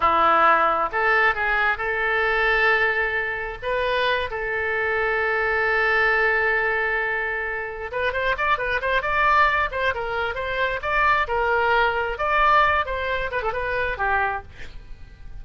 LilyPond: \new Staff \with { instrumentName = "oboe" } { \time 4/4 \tempo 4 = 133 e'2 a'4 gis'4 | a'1 | b'4. a'2~ a'8~ | a'1~ |
a'4. b'8 c''8 d''8 b'8 c''8 | d''4. c''8 ais'4 c''4 | d''4 ais'2 d''4~ | d''8 c''4 b'16 a'16 b'4 g'4 | }